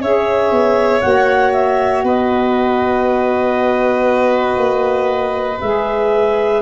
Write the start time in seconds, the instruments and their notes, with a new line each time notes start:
0.00 tuba C#4, saxophone G#4, violin C#5, clarinet E5
0.50 tuba B3
1.00 tuba A#3, saxophone F#4, clarinet F#5
1.52 clarinet E5
2.03 tuba B3, violin B4, clarinet D#5
4.56 tuba A#3
5.60 tuba G#3, saxophone G#4, clarinet E5